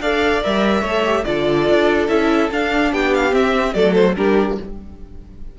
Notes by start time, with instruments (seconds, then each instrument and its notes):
0.00 cello D4, viola A4, violin D5 F5
0.43 cello G3, viola A#4, violin E5
0.81 cello A3, viola A4, violin C#5
1.05 viola G4
1.24 cello D3, viola F4, violin A4 D5
1.69 cello D4
2.08 cello C#4, viola E4, violin E5
2.51 viola D4, cello D4, violin F5
2.92 cello B3, violin G4 G5
3.14 violin F5
3.31 viola C4, cello C4, violin E5
3.74 cello F#3, viola A3, violin A4 D5
3.95 violin C5
4.16 cello G3, viola D4, violin G4 A#4